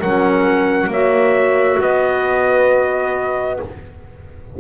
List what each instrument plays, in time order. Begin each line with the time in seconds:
0.00 double bass F#3, clarinet C#4, horn A#4, trumpet F#5
0.87 double bass A#3, clarinet F#4, horn C#5, trumpet E5
1.79 double bass B3, horn B4, trumpet D#5